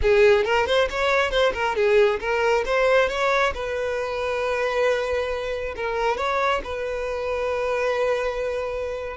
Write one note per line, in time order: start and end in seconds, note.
0.02 0.44 G#4
0.44 0.66 A#4
0.66 0.88 C5
0.90 1.30 C#5
1.30 1.52 C5
1.53 1.75 A#4
1.75 2.19 G#4
2.20 2.64 A#4
2.65 3.09 C5
3.09 3.53 C#5
3.54 5.74 B4
5.76 6.17 A#4
6.17 6.61 C#5
6.63 9.16 B4